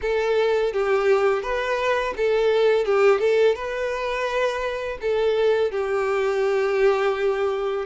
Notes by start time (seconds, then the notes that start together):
0.01 A4
0.72 G4
1.42 B4
2.16 A4
2.85 G4
3.19 A4
3.55 B4
5.01 A4
5.71 G4